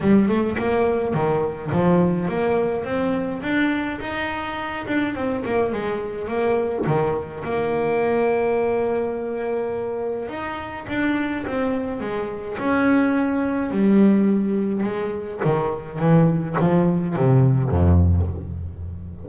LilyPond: \new Staff \with { instrumentName = "double bass" } { \time 4/4 \tempo 4 = 105 g8 a8 ais4 dis4 f4 | ais4 c'4 d'4 dis'4~ | dis'8 d'8 c'8 ais8 gis4 ais4 | dis4 ais2.~ |
ais2 dis'4 d'4 | c'4 gis4 cis'2 | g2 gis4 dis4 | e4 f4 c4 f,4 | }